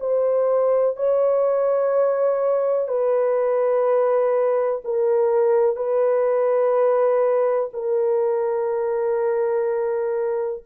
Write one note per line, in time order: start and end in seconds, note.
0.00 0.96 C5
0.96 2.88 C#5
2.88 4.81 B4
4.84 5.76 A#4
5.76 7.69 B4
7.73 10.64 A#4